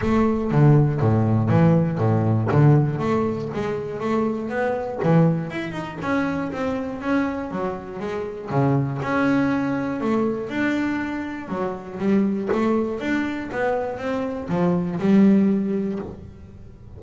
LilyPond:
\new Staff \with { instrumentName = "double bass" } { \time 4/4 \tempo 4 = 120 a4 d4 a,4 e4 | a,4 d4 a4 gis4 | a4 b4 e4 e'8 dis'8 | cis'4 c'4 cis'4 fis4 |
gis4 cis4 cis'2 | a4 d'2 fis4 | g4 a4 d'4 b4 | c'4 f4 g2 | }